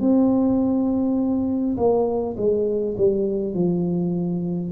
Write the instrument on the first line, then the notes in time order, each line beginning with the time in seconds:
tuba
0.00 C4
1.77 A#3
2.36 G#3
2.97 G3
3.54 F3